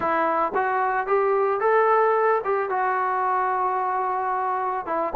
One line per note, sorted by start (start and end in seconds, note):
0.00 0.52 E4
0.54 1.06 F#4
1.06 1.60 G4
1.60 2.41 A4
2.44 2.69 G4
2.69 4.86 F#4
4.86 5.13 E4